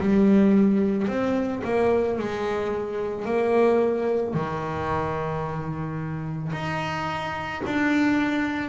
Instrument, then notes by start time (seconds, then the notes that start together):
double bass
0.00 G3
1.08 C4
1.64 A#3
2.19 G#3
3.25 A#3
4.34 D#3
6.53 D#4
7.66 D4